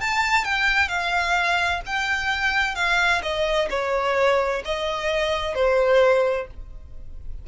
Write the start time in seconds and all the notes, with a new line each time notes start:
0.00 A5
0.44 G5
0.88 F5
1.86 G5
2.75 F5
3.22 D#5
3.70 C#5
4.64 D#5
5.55 C5